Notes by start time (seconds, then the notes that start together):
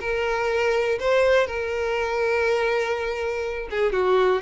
0.00 A#4
0.99 C5
1.46 A#4
3.70 G#4
3.92 F#4